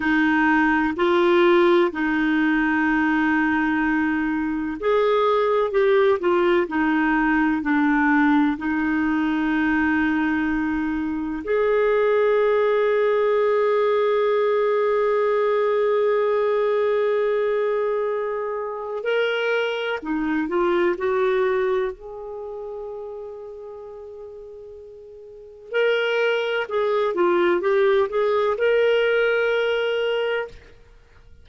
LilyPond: \new Staff \with { instrumentName = "clarinet" } { \time 4/4 \tempo 4 = 63 dis'4 f'4 dis'2~ | dis'4 gis'4 g'8 f'8 dis'4 | d'4 dis'2. | gis'1~ |
gis'1 | ais'4 dis'8 f'8 fis'4 gis'4~ | gis'2. ais'4 | gis'8 f'8 g'8 gis'8 ais'2 | }